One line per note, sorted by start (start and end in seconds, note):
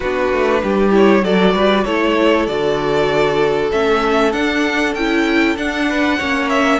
0.00 0.32 B3
0.00 0.91 D4
0.00 0.60 F#4
0.00 0.92 B4
0.32 0.63 A3
0.63 1.24 G3
0.63 1.23 G4
0.91 1.22 E4
0.91 1.24 C#5
1.23 1.53 F#3
1.23 1.86 F#4
1.23 1.54 A4
1.23 1.84 D5
1.53 1.84 G3
1.53 1.84 B4
1.84 2.47 A3
1.84 2.48 E4
1.84 5.86 A4
1.84 2.46 C#5
2.46 3.71 D3
2.46 3.72 F#4
2.46 3.70 D5
3.72 4.34 A3
3.72 4.32 C#4
3.72 4.32 E5
4.32 4.94 D4
4.32 4.95 D4
4.32 4.94 F#5
4.94 5.55 C#4
4.94 5.57 E4
4.94 5.56 G5
5.55 6.17 D4
5.55 6.19 D4
5.55 6.49 F#5
5.89 6.18 B4
6.18 6.79 A#3
6.18 6.79 C#4
6.18 6.79 C#5
6.49 6.79 E5